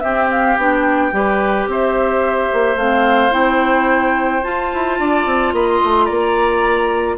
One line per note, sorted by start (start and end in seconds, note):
0.00 0.57 C4
0.00 1.14 G4
0.00 0.28 E5
0.31 0.58 F5
0.57 1.12 B3
0.57 1.12 D4
0.57 1.69 G5
1.12 1.67 G3
1.12 2.78 G4
1.12 1.70 B4
1.67 2.49 C4
1.67 5.00 C5
1.67 2.78 E5
2.53 2.76 A#3
2.76 3.31 A3
2.76 3.31 C4
2.76 3.33 F5
3.31 4.42 C4
3.31 4.41 E4
3.31 4.43 G5
4.43 7.18 F4
4.43 4.72 F4
4.43 5.53 A5
4.74 4.99 E4
4.99 5.26 D4
4.99 5.54 D5
5.26 5.53 C4
5.53 5.80 A#3
5.53 6.05 D#5
5.53 5.68 B5
5.69 6.06 C6
5.83 6.10 A3
6.05 7.18 A#3
6.05 7.15 D5
6.05 7.16 A#5